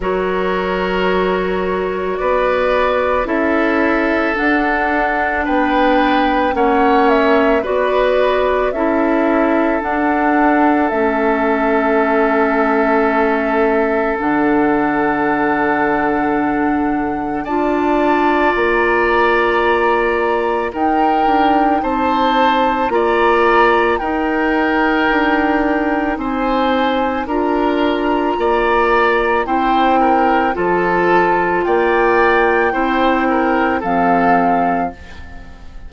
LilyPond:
<<
  \new Staff \with { instrumentName = "flute" } { \time 4/4 \tempo 4 = 55 cis''2 d''4 e''4 | fis''4 g''4 fis''8 e''8 d''4 | e''4 fis''4 e''2~ | e''4 fis''2. |
a''4 ais''2 g''4 | a''4 ais''4 g''2 | gis''4 ais''2 g''4 | a''4 g''2 f''4 | }
  \new Staff \with { instrumentName = "oboe" } { \time 4/4 ais'2 b'4 a'4~ | a'4 b'4 cis''4 b'4 | a'1~ | a'1 |
d''2. ais'4 | c''4 d''4 ais'2 | c''4 ais'4 d''4 c''8 ais'8 | a'4 d''4 c''8 ais'8 a'4 | }
  \new Staff \with { instrumentName = "clarinet" } { \time 4/4 fis'2. e'4 | d'2 cis'4 fis'4 | e'4 d'4 cis'2~ | cis'4 d'2. |
f'2. dis'4~ | dis'4 f'4 dis'2~ | dis'4 f'2 e'4 | f'2 e'4 c'4 | }
  \new Staff \with { instrumentName = "bassoon" } { \time 4/4 fis2 b4 cis'4 | d'4 b4 ais4 b4 | cis'4 d'4 a2~ | a4 d2. |
d'4 ais2 dis'8 d'8 | c'4 ais4 dis'4 d'4 | c'4 d'4 ais4 c'4 | f4 ais4 c'4 f4 | }
>>